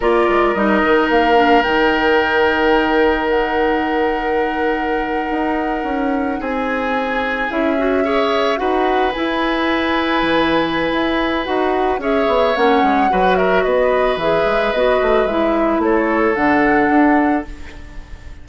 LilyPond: <<
  \new Staff \with { instrumentName = "flute" } { \time 4/4 \tempo 4 = 110 d''4 dis''4 f''4 g''4~ | g''2 fis''2~ | fis''2.~ fis''8. gis''16~ | gis''4.~ gis''16 e''2 fis''16~ |
fis''8. gis''2.~ gis''16~ | gis''4 fis''4 e''4 fis''4~ | fis''8 e''8 dis''4 e''4 dis''4 | e''4 cis''4 fis''2 | }
  \new Staff \with { instrumentName = "oboe" } { \time 4/4 ais'1~ | ais'1~ | ais'2.~ ais'8. gis'16~ | gis'2~ gis'8. cis''4 b'16~ |
b'1~ | b'2 cis''2 | b'8 ais'8 b'2.~ | b'4 a'2. | }
  \new Staff \with { instrumentName = "clarinet" } { \time 4/4 f'4 dis'4. d'8 dis'4~ | dis'1~ | dis'1~ | dis'4.~ dis'16 e'8 fis'8 gis'4 fis'16~ |
fis'8. e'2.~ e'16~ | e'4 fis'4 gis'4 cis'4 | fis'2 gis'4 fis'4 | e'2 d'2 | }
  \new Staff \with { instrumentName = "bassoon" } { \time 4/4 ais8 gis8 g8 dis8 ais4 dis4~ | dis1~ | dis4.~ dis16 dis'4 cis'4 c'16~ | c'4.~ c'16 cis'2 dis'16~ |
dis'8. e'2 e4~ e16 | e'4 dis'4 cis'8 b8 ais8 gis8 | fis4 b4 e8 gis8 b8 a8 | gis4 a4 d4 d'4 | }
>>